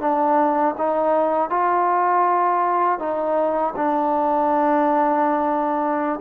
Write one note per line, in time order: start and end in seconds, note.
0.00 0.75 D4
0.78 1.50 D#4
1.50 2.99 F4
2.99 3.74 D#4
3.76 6.20 D4